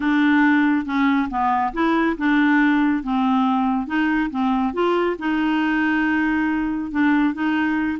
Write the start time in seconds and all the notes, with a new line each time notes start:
0.00 D4
0.85 C#4
1.29 B3
1.73 E4
2.17 D4
3.03 C4
3.86 D#4
4.30 C4
4.73 F4
5.18 D#4
6.91 D4
7.33 D#4